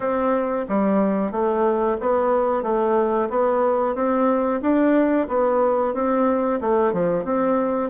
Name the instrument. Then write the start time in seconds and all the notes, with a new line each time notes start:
bassoon
0.00 C4
0.68 G3
1.31 A3
2.00 B3
2.63 A3
3.29 B3
3.95 C4
4.61 D4
5.27 B3
5.93 C4
6.61 A3
6.93 F3
7.24 C4